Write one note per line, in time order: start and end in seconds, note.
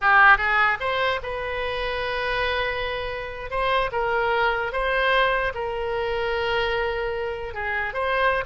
0.01 0.37 G4
0.37 0.77 G#4
0.79 1.20 C5
1.22 3.50 B4
3.50 3.90 C5
3.92 4.72 A#4
4.72 5.53 C5
5.54 7.54 A#4
7.54 7.93 G#4
7.93 8.44 C5